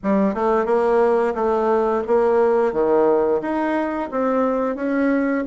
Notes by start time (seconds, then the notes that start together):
0.03 G3
0.34 A3
0.65 A#3
1.34 A3
2.07 A#3
2.72 D#3
3.41 D#4
4.11 C4
4.75 C#4